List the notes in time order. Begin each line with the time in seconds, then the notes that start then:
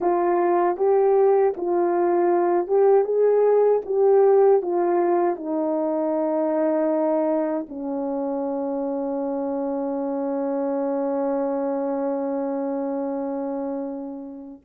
0.00 F4
0.77 G4
1.56 F4
2.67 G4
3.04 G#4
3.85 G4
4.62 F4
5.35 D#4
7.68 C#4